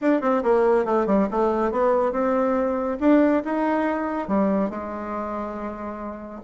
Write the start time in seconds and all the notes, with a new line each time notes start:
0.01 D4
0.21 C4
0.43 A#3
0.85 A3
1.06 G3
1.30 A3
1.71 B3
2.12 C4
2.99 D4
3.44 D#4
4.27 G3
4.69 G#3